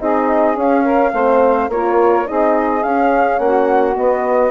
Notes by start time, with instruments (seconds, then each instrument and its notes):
0.00 bassoon C4, horn D#4, saxophone G#4, flute D#5
0.55 horn C#4, bassoon C#4, flute F5
0.84 saxophone A#4
1.13 bassoon A3, horn C4, saxophone C5
1.69 bassoon A#3, horn F4, flute C#5
1.75 saxophone A#4
2.26 bassoon C4, horn D#4, saxophone G#4, flute D#5
2.84 bassoon C#4, horn C#4, flute F5
3.39 bassoon A#3, saxophone F#4, flute F#5
3.96 horn B3, bassoon B3, flute D#5